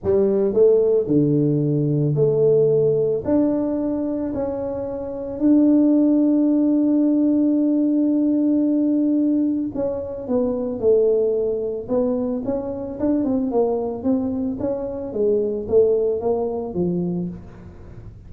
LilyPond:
\new Staff \with { instrumentName = "tuba" } { \time 4/4 \tempo 4 = 111 g4 a4 d2 | a2 d'2 | cis'2 d'2~ | d'1~ |
d'2 cis'4 b4 | a2 b4 cis'4 | d'8 c'8 ais4 c'4 cis'4 | gis4 a4 ais4 f4 | }